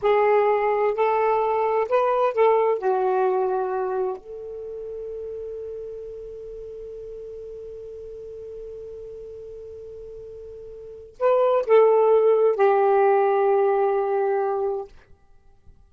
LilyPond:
\new Staff \with { instrumentName = "saxophone" } { \time 4/4 \tempo 4 = 129 gis'2 a'2 | b'4 a'4 fis'2~ | fis'4 a'2.~ | a'1~ |
a'1~ | a'1 | b'4 a'2 g'4~ | g'1 | }